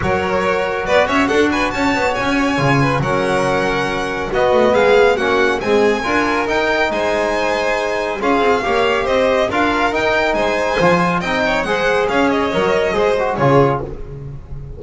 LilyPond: <<
  \new Staff \with { instrumentName = "violin" } { \time 4/4 \tempo 4 = 139 cis''2 d''8 e''8 fis''8 gis''8 | a''4 gis''2 fis''4~ | fis''2 dis''4 f''4 | fis''4 gis''2 g''4 |
gis''2. f''4~ | f''4 dis''4 f''4 g''4 | gis''2 g''4 fis''4 | f''8 dis''2~ dis''8 cis''4 | }
  \new Staff \with { instrumentName = "violin" } { \time 4/4 ais'2 b'8 cis''8 a'8 b'8 | cis''2~ cis''8 b'8 ais'4~ | ais'2 fis'4 gis'4 | fis'4 gis'4 ais'2 |
c''2. gis'4 | cis''4 c''4 ais'2 | c''2 dis''8 cis''8 c''4 | cis''2 c''4 gis'4 | }
  \new Staff \with { instrumentName = "trombone" } { \time 4/4 fis'1~ | fis'2 f'4 cis'4~ | cis'2 b2 | cis'4 gis4 f'4 dis'4~ |
dis'2. f'4 | g'2 f'4 dis'4~ | dis'4 f'4 dis'4 gis'4~ | gis'4 ais'4 gis'8 fis'8 f'4 | }
  \new Staff \with { instrumentName = "double bass" } { \time 4/4 fis2 b8 cis'8 d'4 | cis'8 b8 cis'4 cis4 fis4~ | fis2 b8 a8 gis4 | ais4 c'4 d'4 dis'4 |
gis2. cis'8 c'8 | ais4 c'4 d'4 dis'4 | gis4 f4 c'4 gis4 | cis'4 fis4 gis4 cis4 | }
>>